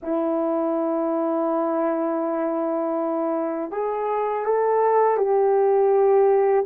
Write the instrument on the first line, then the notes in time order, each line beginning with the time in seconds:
horn
0.02 E4
3.71 G#4
4.45 A4
5.17 G4